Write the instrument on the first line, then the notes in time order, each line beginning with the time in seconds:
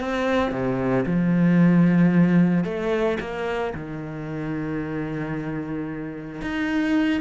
cello
0.00 C4
0.51 C3
1.06 F3
2.64 A3
3.20 A#3
3.75 D#3
6.41 D#4